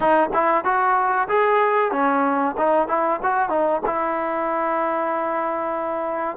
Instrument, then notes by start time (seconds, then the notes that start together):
trombone
0.00 D#4
0.33 E4
0.64 F#4
1.28 G#4
1.91 C#4
2.57 D#4
2.88 E4
3.22 F#4
3.49 D#4
3.86 E4